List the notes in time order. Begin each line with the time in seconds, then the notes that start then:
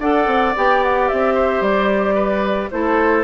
0.00 D4 A4 D5 F#5
0.27 C4
0.56 B3 G4 G5
0.83 F#5
1.08 C4 E5
1.35 C5
1.61 G3 D5
2.15 B4
2.71 A3 E4 A4 C5